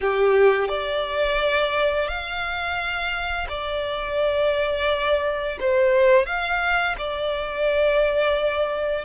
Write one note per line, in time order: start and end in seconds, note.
0.00 0.68 G4
0.68 2.07 D5
2.07 3.47 F5
3.48 5.58 D5
5.59 6.26 C5
6.26 6.95 F5
6.98 9.04 D5